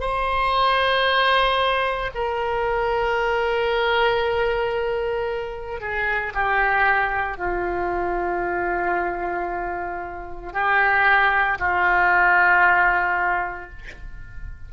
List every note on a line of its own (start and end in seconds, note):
0.00 2.11 C5
2.14 5.80 A#4
5.80 6.33 G#4
6.34 7.38 G4
7.38 10.53 F4
10.53 11.58 G4
11.59 13.70 F4